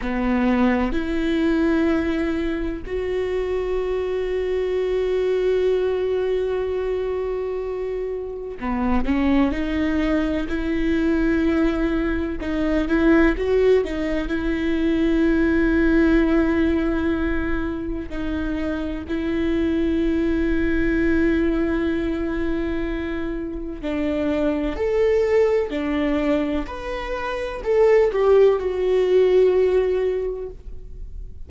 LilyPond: \new Staff \with { instrumentName = "viola" } { \time 4/4 \tempo 4 = 63 b4 e'2 fis'4~ | fis'1~ | fis'4 b8 cis'8 dis'4 e'4~ | e'4 dis'8 e'8 fis'8 dis'8 e'4~ |
e'2. dis'4 | e'1~ | e'4 d'4 a'4 d'4 | b'4 a'8 g'8 fis'2 | }